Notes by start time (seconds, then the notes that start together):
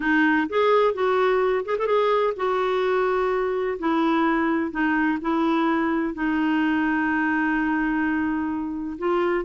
0.00 D#4
0.49 G#4
0.93 F#4
1.65 G#4
1.78 A4
1.86 G#4
2.36 F#4
3.79 E4
4.71 D#4
5.21 E4
6.14 D#4
8.98 F4